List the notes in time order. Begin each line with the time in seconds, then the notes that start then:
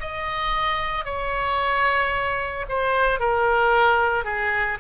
0.00 D#5
1.05 C#5
2.69 C5
3.19 A#4
4.24 G#4